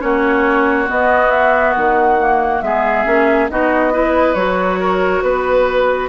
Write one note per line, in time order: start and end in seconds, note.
0.00 0.90 A#3
0.00 0.87 C#4
0.00 2.65 F#4
0.00 0.89 C#5
0.87 2.18 B3
0.87 1.77 B3
0.87 1.31 D#5
1.31 1.74 E5
1.77 2.62 D#3
1.77 2.62 F#5
2.20 2.63 A#3
2.62 3.05 G#3
2.62 3.06 B3
2.62 3.51 G#4
2.62 3.49 E5
3.06 3.50 A#3
3.06 3.49 C#4
3.50 4.35 B3
3.50 3.93 D#4
3.50 3.93 F#4
3.50 4.35 D#5
3.93 4.36 E4
3.93 4.80 B4
4.35 5.22 F#3
4.35 6.10 F#4
4.35 5.22 C#5
4.80 5.24 A#4
5.22 6.10 B3
5.22 6.09 B4
5.22 6.10 B4